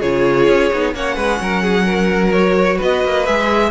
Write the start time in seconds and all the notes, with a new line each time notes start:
0.00 C#3 F4 G#4 C#5
0.48 C#4
0.73 B3 D#4
0.94 A#3 C#4 C#5 F#5
1.16 G#3 B4
1.40 F#3 A#4
1.63 G#4
1.85 A#4
2.32 F#4 C#5
2.76 B3 B4
2.83 D#5
3.05 A#3
3.25 G#3 G#4 E5